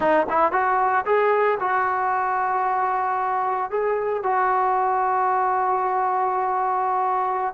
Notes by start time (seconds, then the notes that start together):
0.00 D#4
0.29 E4
0.51 F#4
1.05 G#4
1.60 F#4
3.70 G#4
4.23 F#4